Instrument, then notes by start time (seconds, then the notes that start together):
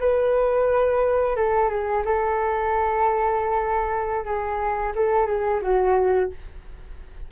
flute
0.00 B4
1.36 A4
1.69 G#4
2.05 A4
4.25 G#4
4.95 A4
5.26 G#4
5.62 F#4